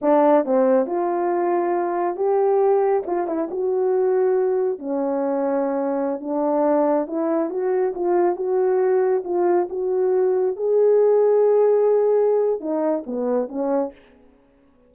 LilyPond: \new Staff \with { instrumentName = "horn" } { \time 4/4 \tempo 4 = 138 d'4 c'4 f'2~ | f'4 g'2 f'8 e'8 | fis'2. cis'4~ | cis'2~ cis'16 d'4.~ d'16~ |
d'16 e'4 fis'4 f'4 fis'8.~ | fis'4~ fis'16 f'4 fis'4.~ fis'16~ | fis'16 gis'2.~ gis'8.~ | gis'4 dis'4 b4 cis'4 | }